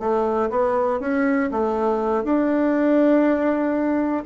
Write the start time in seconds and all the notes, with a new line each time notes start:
0.00 A3
0.51 B3
1.01 C#4
1.51 A3
2.25 D4